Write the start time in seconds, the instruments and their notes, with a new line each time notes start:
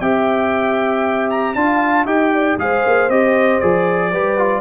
0.00 tuba C4, trombone G4, horn E5, trumpet G5
1.30 trumpet A#5
1.54 tuba D4, trombone F4, horn F5, trumpet A5
2.04 tuba D#4, trombone G4, horn D#5, trumpet G5
2.33 horn D5
2.57 tuba G#3, trombone G#4, horn C5, trumpet F5
2.86 tuba A#3
3.08 tuba C4, trombone G4, trumpet D#5
3.59 tuba F3, trombone G#4, trumpet D5
4.11 tuba G3, trombone G4, horn B4
4.37 trombone F4